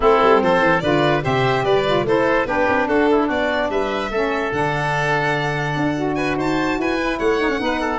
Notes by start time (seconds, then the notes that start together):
0.00 A3 C4 E4 A4
0.22 G3
0.41 F3 A4 C5
0.60 E3
0.79 D3 F4 B4 D5
1.21 C3 G4 C5 E5
1.63 G3 B4 D5
1.85 F4
2.03 A3 E4 A4 C5
2.45 B3 D4 G4 B4
2.68 C4
2.87 D4 F#4 A4
3.11 E4
3.27 B3 F#4 D5
3.69 G3 B4 E5
4.10 A3 C#4 A4
4.52 D3 D4 F#5
5.76 D4
5.95 F#4
6.14 B4 G#5
6.36 D#4 C5 A5
6.77 E4 B4 G#5
6.99 E4
7.18 A3 C#5 F#5
7.40 D#4
7.49 C#4
7.59 B3 D#4 B4
7.80 A4